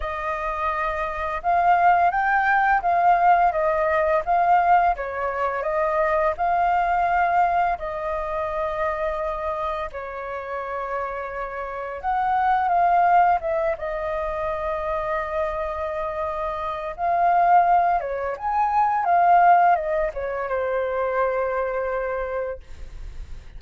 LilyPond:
\new Staff \with { instrumentName = "flute" } { \time 4/4 \tempo 4 = 85 dis''2 f''4 g''4 | f''4 dis''4 f''4 cis''4 | dis''4 f''2 dis''4~ | dis''2 cis''2~ |
cis''4 fis''4 f''4 e''8 dis''8~ | dis''1 | f''4. cis''8 gis''4 f''4 | dis''8 cis''8 c''2. | }